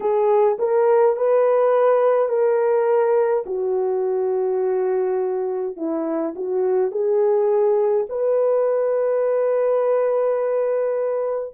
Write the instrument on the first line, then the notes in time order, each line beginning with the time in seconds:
horn
0.00 G#4
0.58 A#4
1.16 B4
2.28 A#4
3.46 F#4
5.76 E4
6.35 F#4
6.91 G#4
8.09 B4